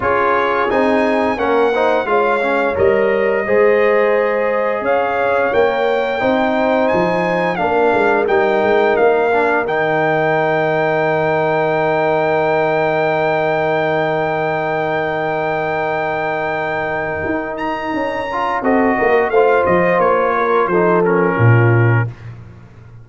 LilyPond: <<
  \new Staff \with { instrumentName = "trumpet" } { \time 4/4 \tempo 4 = 87 cis''4 gis''4 fis''4 f''4 | dis''2. f''4 | g''2 gis''4 f''4 | g''4 f''4 g''2~ |
g''1~ | g''1~ | g''4. ais''4. dis''4 | f''8 dis''8 cis''4 c''8 ais'4. | }
  \new Staff \with { instrumentName = "horn" } { \time 4/4 gis'2 ais'8 c''8 cis''4~ | cis''4 c''2 cis''4~ | cis''4 c''2 ais'4~ | ais'1~ |
ais'1~ | ais'1~ | ais'2. a'8 ais'8 | c''4. ais'8 a'4 f'4 | }
  \new Staff \with { instrumentName = "trombone" } { \time 4/4 f'4 dis'4 cis'8 dis'8 f'8 cis'8 | ais'4 gis'2. | ais'4 dis'2 d'4 | dis'4. d'8 dis'2~ |
dis'1~ | dis'1~ | dis'2~ dis'8 f'8 fis'4 | f'2 dis'8 cis'4. | }
  \new Staff \with { instrumentName = "tuba" } { \time 4/4 cis'4 c'4 ais4 gis4 | g4 gis2 cis'4 | ais4 c'4 f4 ais8 gis8 | g8 gis8 ais4 dis2~ |
dis1~ | dis1~ | dis4 dis'4 cis'4 c'8 ais8 | a8 f8 ais4 f4 ais,4 | }
>>